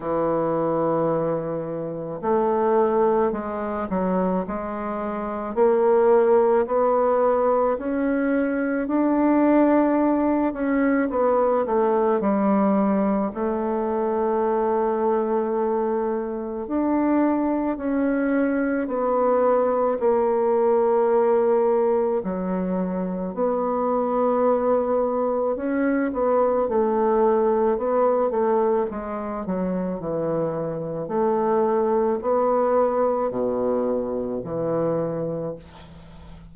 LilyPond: \new Staff \with { instrumentName = "bassoon" } { \time 4/4 \tempo 4 = 54 e2 a4 gis8 fis8 | gis4 ais4 b4 cis'4 | d'4. cis'8 b8 a8 g4 | a2. d'4 |
cis'4 b4 ais2 | fis4 b2 cis'8 b8 | a4 b8 a8 gis8 fis8 e4 | a4 b4 b,4 e4 | }